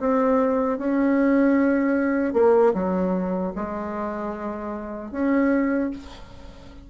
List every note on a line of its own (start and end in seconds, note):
0.00 0.79 C4
0.79 2.34 C#4
2.34 2.73 A#3
2.74 3.53 F#3
3.56 5.11 G#3
5.11 5.90 C#4